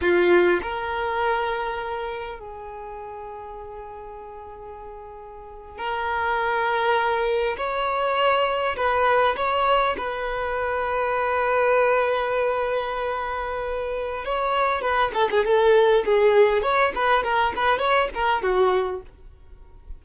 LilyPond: \new Staff \with { instrumentName = "violin" } { \time 4/4 \tempo 4 = 101 f'4 ais'2. | gis'1~ | gis'4.~ gis'16 ais'2~ ais'16~ | ais'8. cis''2 b'4 cis''16~ |
cis''8. b'2.~ b'16~ | b'1 | cis''4 b'8 a'16 gis'16 a'4 gis'4 | cis''8 b'8 ais'8 b'8 cis''8 ais'8 fis'4 | }